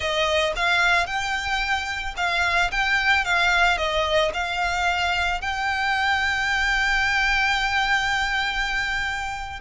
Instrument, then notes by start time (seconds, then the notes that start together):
violin
0.00 D#5
0.56 F5
1.06 G5
2.16 F5
2.71 G5
3.25 F5
3.77 D#5
4.33 F5
5.41 G5